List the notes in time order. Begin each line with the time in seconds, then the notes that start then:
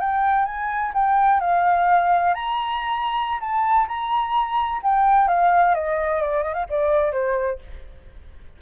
0.00 G5
0.45 G#5
0.93 G5
1.40 F5
2.34 A#5
3.40 A5
3.87 A#5
4.82 G5
5.28 F5
5.74 D#5
6.21 D5
6.43 D#5
6.53 F5
6.69 D5
7.12 C5